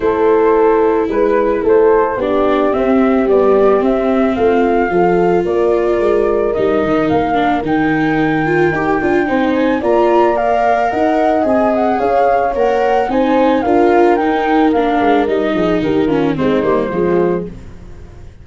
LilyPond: <<
  \new Staff \with { instrumentName = "flute" } { \time 4/4 \tempo 4 = 110 c''2 b'4 c''4 | d''4 e''4 d''4 e''4 | f''2 d''2 | dis''4 f''4 g''2~ |
g''4. gis''8 ais''4 f''4 | fis''4 gis''8 fis''8 f''4 fis''4 | gis''4 f''4 g''4 f''4 | dis''4 ais'4 c''2 | }
  \new Staff \with { instrumentName = "horn" } { \time 4/4 a'2 b'4 a'4 | g'1 | f'4 a'4 ais'2~ | ais'1~ |
ais'4 c''4 d''2 | dis''2 cis''2 | c''4 ais'2.~ | ais'8 gis'8 g'8 f'8 dis'4 f'4 | }
  \new Staff \with { instrumentName = "viola" } { \time 4/4 e'1 | d'4 c'4 g4 c'4~ | c'4 f'2. | dis'4. d'8 dis'4. f'8 |
g'8 f'8 dis'4 f'4 ais'4~ | ais'4 gis'2 ais'4 | dis'4 f'4 dis'4 d'4 | dis'4. cis'8 c'8 ais8 gis4 | }
  \new Staff \with { instrumentName = "tuba" } { \time 4/4 a2 gis4 a4 | b4 c'4 b4 c'4 | a4 f4 ais4 gis4 | g8 dis8 ais4 dis2 |
dis'8 d'8 c'4 ais2 | dis'4 c'4 cis'4 ais4 | c'4 d'4 dis'4 ais8 gis8 | g8 f8 dis4 gis8 g8 f4 | }
>>